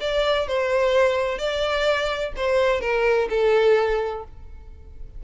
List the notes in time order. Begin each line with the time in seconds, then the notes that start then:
0.00 D5
0.47 C5
1.38 D5
2.36 C5
2.81 A#4
3.29 A4